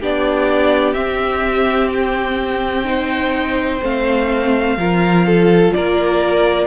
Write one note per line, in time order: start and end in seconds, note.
0.00 0.95 B3
0.00 0.94 D4
0.00 2.86 G4
0.00 0.93 D5
0.93 2.85 C4
0.93 3.81 C4
0.93 1.88 E5
1.93 3.84 G5
2.85 3.80 D#4
2.85 4.78 C5
3.82 4.77 A3
3.82 4.77 C4
3.82 5.73 F5
4.77 5.72 F3
4.77 6.66 F4
4.77 5.26 A#4
5.26 5.74 A4
5.73 6.66 A#3
5.73 6.66 A#4
5.73 6.66 D5